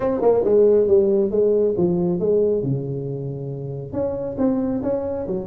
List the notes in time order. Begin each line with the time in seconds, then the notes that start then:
0.00 C4
0.21 A#3
0.44 G#3
0.87 G3
1.30 G#3
1.77 F3
2.19 G#3
2.62 C#3
3.92 C#4
4.38 C4
4.83 C#4
5.27 F#3